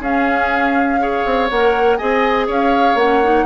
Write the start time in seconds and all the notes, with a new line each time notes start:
0.00 C#4 G#4 F5
1.00 G#4 C#5
1.26 C4
1.51 A#3 A#4 F#5
1.97 C4 G#4 D#5 G#5
2.47 C#4 C#5 F5
2.95 A#3 C#4 F#5
3.24 D#4